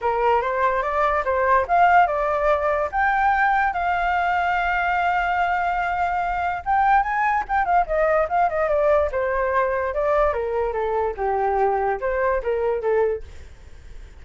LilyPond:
\new Staff \with { instrumentName = "flute" } { \time 4/4 \tempo 4 = 145 ais'4 c''4 d''4 c''4 | f''4 d''2 g''4~ | g''4 f''2.~ | f''1 |
g''4 gis''4 g''8 f''8 dis''4 | f''8 dis''8 d''4 c''2 | d''4 ais'4 a'4 g'4~ | g'4 c''4 ais'4 a'4 | }